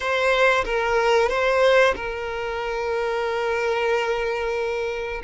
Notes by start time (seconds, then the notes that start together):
0.00 C5
0.64 A#4
1.29 C5
1.95 A#4